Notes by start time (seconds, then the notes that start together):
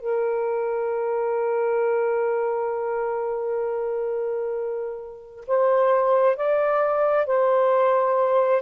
0.00 A#4
5.48 C5
6.36 D5
7.27 C5